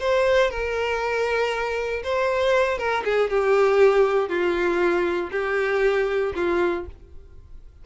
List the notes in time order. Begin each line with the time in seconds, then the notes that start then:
0.00 C5
0.50 A#4
2.03 C5
2.78 A#4
3.04 G#4
3.30 G4
4.29 F4
5.31 G4
6.35 F4